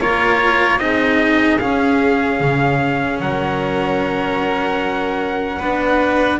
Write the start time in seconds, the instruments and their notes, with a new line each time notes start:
0.00 double bass A#3, cello F4, violin A#4, trumpet C#5
0.78 double bass C4, cello D#4, violin G#4, trumpet D#5
1.59 double bass C#4, cello C#4, trumpet F5
2.40 double bass C#3
3.20 double bass F#3, violin A#4, trumpet F#5
5.59 double bass B3, cello D4, violin B4